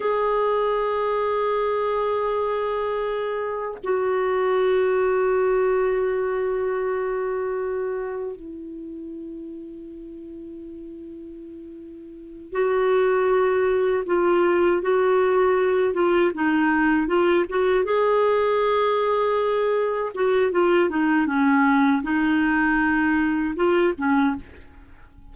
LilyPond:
\new Staff \with { instrumentName = "clarinet" } { \time 4/4 \tempo 4 = 79 gis'1~ | gis'4 fis'2.~ | fis'2. e'4~ | e'1~ |
e'8 fis'2 f'4 fis'8~ | fis'4 f'8 dis'4 f'8 fis'8 gis'8~ | gis'2~ gis'8 fis'8 f'8 dis'8 | cis'4 dis'2 f'8 cis'8 | }